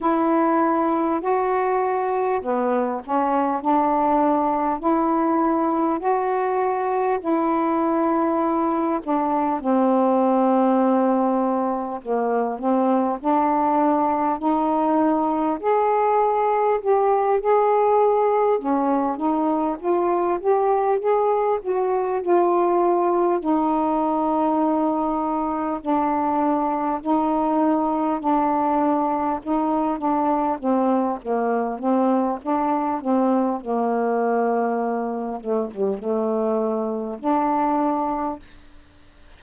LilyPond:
\new Staff \with { instrumentName = "saxophone" } { \time 4/4 \tempo 4 = 50 e'4 fis'4 b8 cis'8 d'4 | e'4 fis'4 e'4. d'8 | c'2 ais8 c'8 d'4 | dis'4 gis'4 g'8 gis'4 cis'8 |
dis'8 f'8 g'8 gis'8 fis'8 f'4 dis'8~ | dis'4. d'4 dis'4 d'8~ | d'8 dis'8 d'8 c'8 ais8 c'8 d'8 c'8 | ais4. a16 g16 a4 d'4 | }